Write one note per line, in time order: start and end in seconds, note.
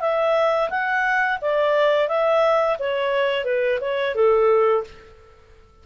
0.00 0.69 E5
0.70 1.39 F#5
1.41 2.08 D5
2.08 2.77 E5
2.79 3.44 C#5
3.44 3.79 B4
3.80 4.15 C#5
4.15 4.84 A4